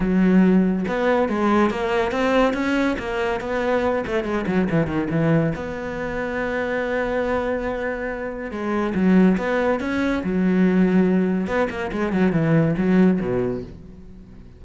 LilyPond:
\new Staff \with { instrumentName = "cello" } { \time 4/4 \tempo 4 = 141 fis2 b4 gis4 | ais4 c'4 cis'4 ais4 | b4. a8 gis8 fis8 e8 dis8 | e4 b2.~ |
b1 | gis4 fis4 b4 cis'4 | fis2. b8 ais8 | gis8 fis8 e4 fis4 b,4 | }